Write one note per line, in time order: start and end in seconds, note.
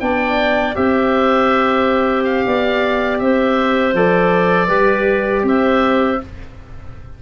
0.00 0.76 B3
0.00 0.74 D4
0.00 0.76 D5
0.00 0.75 G5
0.74 2.45 C4
0.74 3.93 G4
0.74 2.45 C5
0.74 2.24 E5
2.24 3.17 F5
2.46 3.20 B3
2.46 3.21 D5
3.19 3.93 C4
3.19 4.66 C5
3.19 3.94 E5
3.93 4.68 F3
3.93 4.68 A4
3.93 5.46 D5
4.66 5.43 G3
4.66 6.18 G4
4.66 5.41 B4
5.43 6.18 C4
5.43 6.20 C5
5.43 6.22 E5